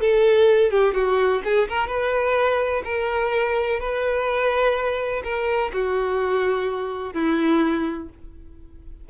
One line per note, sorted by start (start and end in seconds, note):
0.00 0.71 A4
0.71 0.94 G4
0.94 1.41 F#4
1.44 1.68 G#4
1.68 1.87 A#4
1.87 2.82 B4
2.84 3.79 A#4
3.79 5.22 B4
5.23 5.71 A#4
5.73 7.13 F#4
7.13 8.08 E4